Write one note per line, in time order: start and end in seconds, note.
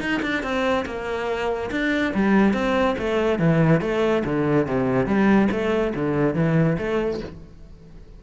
0.00 0.21 D#4
0.22 0.43 D4
0.43 0.85 C4
0.86 1.70 A#3
1.71 2.13 D4
2.14 2.54 G3
2.54 2.96 C4
2.98 3.39 A3
3.39 3.81 E3
3.81 4.23 A3
4.25 4.67 D3
4.67 5.06 C3
5.06 5.48 G3
5.51 5.93 A3
5.94 6.35 D3
6.35 6.77 E3
6.78 7.20 A3